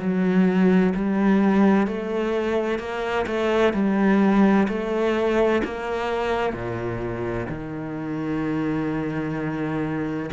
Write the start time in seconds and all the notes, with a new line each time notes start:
0.00 F#3
0.95 G3
1.87 A3
2.79 A#3
3.27 A3
3.74 G3
4.69 A3
5.65 A#3
6.53 A#2
7.49 D#3